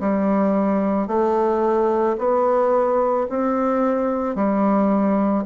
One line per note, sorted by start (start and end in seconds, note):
0.00 1.07 G3
1.07 2.16 A3
2.18 3.27 B3
3.29 4.35 C4
4.35 5.44 G3